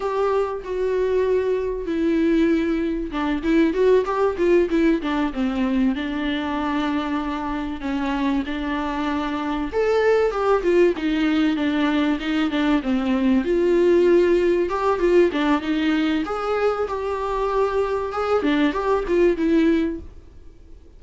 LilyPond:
\new Staff \with { instrumentName = "viola" } { \time 4/4 \tempo 4 = 96 g'4 fis'2 e'4~ | e'4 d'8 e'8 fis'8 g'8 f'8 e'8 | d'8 c'4 d'2~ d'8~ | d'8 cis'4 d'2 a'8~ |
a'8 g'8 f'8 dis'4 d'4 dis'8 | d'8 c'4 f'2 g'8 | f'8 d'8 dis'4 gis'4 g'4~ | g'4 gis'8 d'8 g'8 f'8 e'4 | }